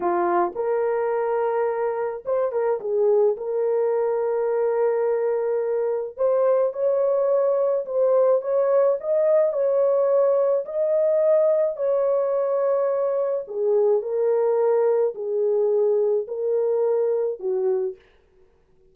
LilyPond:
\new Staff \with { instrumentName = "horn" } { \time 4/4 \tempo 4 = 107 f'4 ais'2. | c''8 ais'8 gis'4 ais'2~ | ais'2. c''4 | cis''2 c''4 cis''4 |
dis''4 cis''2 dis''4~ | dis''4 cis''2. | gis'4 ais'2 gis'4~ | gis'4 ais'2 fis'4 | }